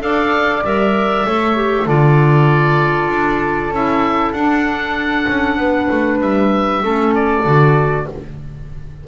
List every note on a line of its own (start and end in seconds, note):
0.00 0.62 D4
0.00 0.62 A4
0.00 1.26 D5
0.00 0.64 F5
0.63 1.25 G3
0.63 1.26 A#4
0.63 1.88 E5
1.26 1.86 A3
1.26 1.56 A4
1.26 1.86 C#5
1.56 1.87 G4
1.86 3.08 D3
1.86 3.73 F4
1.86 5.57 A4
1.86 3.74 D5
3.08 3.70 D4
3.70 4.32 C#4
3.70 4.36 E4
3.70 4.33 E5
4.33 5.26 D4
4.33 6.82 D4
4.33 6.18 F#5
5.28 5.57 C#4
5.57 5.88 B3
5.57 6.82 B4
5.91 6.21 A3
6.21 6.83 G3
6.21 7.14 E5
6.82 7.44 A3
6.82 7.43 C#4
6.82 8.07 A4
7.15 8.07 D5
7.43 8.07 D3
7.43 8.05 F#4